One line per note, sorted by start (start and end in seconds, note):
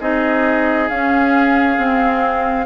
0.00 0.90 C4
0.00 0.90 D#4
0.00 2.66 G#4
0.00 0.89 D#5
0.89 1.78 C#4
0.89 2.66 F5
1.78 2.66 C4